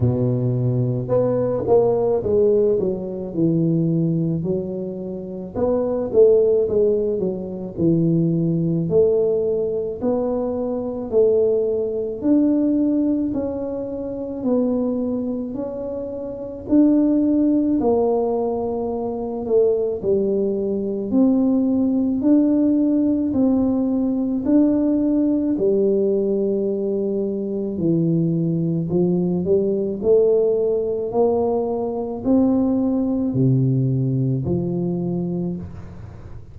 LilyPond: \new Staff \with { instrumentName = "tuba" } { \time 4/4 \tempo 4 = 54 b,4 b8 ais8 gis8 fis8 e4 | fis4 b8 a8 gis8 fis8 e4 | a4 b4 a4 d'4 | cis'4 b4 cis'4 d'4 |
ais4. a8 g4 c'4 | d'4 c'4 d'4 g4~ | g4 e4 f8 g8 a4 | ais4 c'4 c4 f4 | }